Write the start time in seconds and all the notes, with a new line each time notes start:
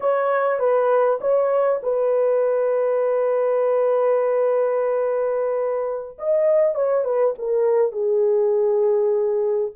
0.00 C#5
0.59 B4
1.20 C#5
1.82 B4
6.18 D#5
6.74 C#5
7.04 B4
7.38 A#4
7.91 G#4